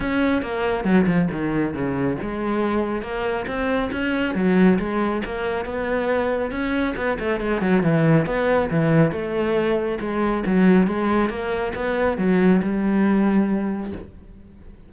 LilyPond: \new Staff \with { instrumentName = "cello" } { \time 4/4 \tempo 4 = 138 cis'4 ais4 fis8 f8 dis4 | cis4 gis2 ais4 | c'4 cis'4 fis4 gis4 | ais4 b2 cis'4 |
b8 a8 gis8 fis8 e4 b4 | e4 a2 gis4 | fis4 gis4 ais4 b4 | fis4 g2. | }